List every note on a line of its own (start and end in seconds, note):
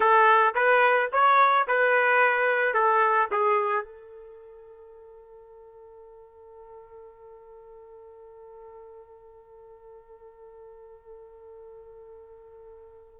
0.00 0.54 A4
0.54 1.09 B4
1.12 1.67 C#5
1.67 2.74 B4
2.74 3.29 A4
3.31 3.84 G#4
3.84 13.20 A4